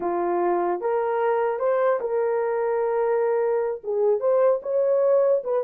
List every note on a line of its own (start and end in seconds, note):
0.00 0.80 F4
0.80 1.59 A#4
1.59 1.99 C5
2.00 3.81 A#4
3.83 4.20 G#4
4.20 4.60 C5
4.62 5.43 C#5
5.44 5.64 B4